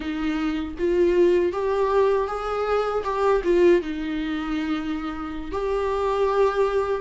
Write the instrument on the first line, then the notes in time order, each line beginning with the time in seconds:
viola
0.00 D#4
0.78 F4
1.52 G4
2.27 G#4
3.03 G4
3.43 F4
3.81 D#4
5.51 G4